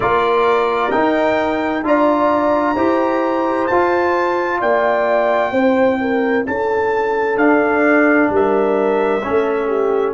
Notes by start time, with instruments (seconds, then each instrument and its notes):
0.00 tuba A#3, trombone F4, horn A#4, trumpet D5
0.91 trombone D#4, tuba D#4, trumpet G5
1.83 tuba D4, trombone F4, horn D5, trumpet A#5
2.74 tuba E4, trombone G4, horn C5
3.67 tuba F4, trombone F4, trumpet A5
4.60 tuba A#3, horn D5, trumpet G5
5.52 tuba C4, trombone E4, horn C5
6.01 horn A#4
6.46 tuba C#4, horn A4, trumpet A5
7.37 tuba D4, trombone D4, trumpet F5
8.29 tuba G3, horn A#4, trumpet E5
9.23 tuba A3, trombone C#4, horn A4
9.67 horn G4